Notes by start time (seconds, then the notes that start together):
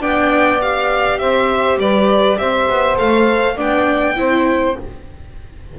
0.00 B3 D4 D5 G5
0.61 G4 F5
1.18 C4 C5 E5
1.77 G3 B4 D5
2.38 C4 C5 E5
2.69 B3
2.95 A3 A4 F5
3.55 B3 D4 D5 G5
4.15 C4 E4 C5